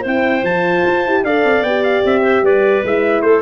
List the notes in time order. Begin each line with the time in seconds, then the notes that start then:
0.00 C4 E4 C5
0.06 G5
0.43 F3 F4 A5
0.85 F4
1.06 E4 G4
1.23 D4 A4 D5 F5
1.44 C4
1.62 B3 G4 G5
1.83 F5
2.05 C4 E5
2.21 C5
2.42 G3 B4 D5
2.84 G#3 E4 E5
3.21 A3 A4 C5